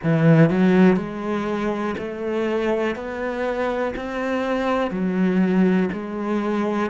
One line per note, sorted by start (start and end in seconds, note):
0.03 0.50 E3
0.50 0.96 F#3
0.96 1.94 G#3
1.98 2.95 A3
2.95 3.93 B3
3.96 4.90 C4
4.90 5.89 F#3
5.92 6.90 G#3